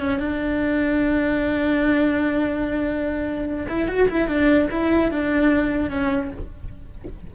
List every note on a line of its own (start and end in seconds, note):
0.00 0.19 C#4
0.19 3.66 D4
3.69 3.88 E4
3.88 4.09 F#4
4.09 4.28 E4
4.28 4.69 D4
4.71 5.11 E4
5.11 5.90 D4
5.90 6.31 C#4